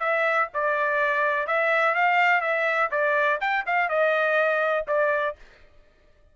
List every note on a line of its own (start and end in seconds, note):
0.00 0.48 E5
0.54 1.47 D5
1.47 1.95 E5
1.95 2.41 F5
2.41 2.90 E5
2.91 3.40 D5
3.41 3.65 G5
3.66 3.89 F5
3.89 4.86 D#5
4.88 5.36 D5